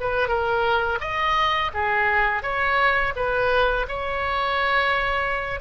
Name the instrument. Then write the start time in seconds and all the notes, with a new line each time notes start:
oboe
0.00 B4
0.28 A#4
1.00 D#5
1.74 G#4
2.43 C#5
3.16 B4
3.88 C#5